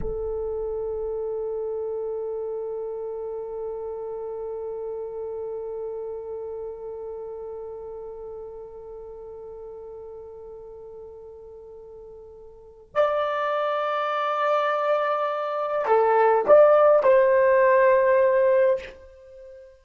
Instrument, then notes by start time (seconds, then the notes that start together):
horn
0.00 A4
12.94 D5
15.86 A4
16.47 D5
17.03 C5